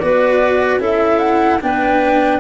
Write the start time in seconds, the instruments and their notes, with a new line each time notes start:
0.00 tuba B3, cello F#4, clarinet B4, flute D5
0.79 tuba C#4, cello E4, clarinet A4, flute E5
1.19 flute F#5
1.61 tuba B3, cello D4, clarinet B4, flute G5